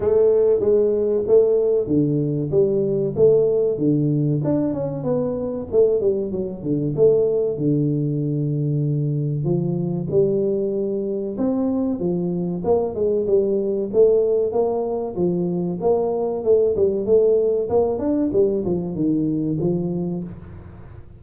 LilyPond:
\new Staff \with { instrumentName = "tuba" } { \time 4/4 \tempo 4 = 95 a4 gis4 a4 d4 | g4 a4 d4 d'8 cis'8 | b4 a8 g8 fis8 d8 a4 | d2. f4 |
g2 c'4 f4 | ais8 gis8 g4 a4 ais4 | f4 ais4 a8 g8 a4 | ais8 d'8 g8 f8 dis4 f4 | }